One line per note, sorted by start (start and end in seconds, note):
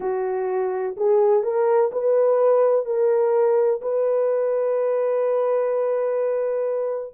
0.00 0.95 F#4
0.97 1.43 G#4
1.43 1.90 A#4
1.91 2.85 B4
2.85 3.81 A#4
3.81 7.13 B4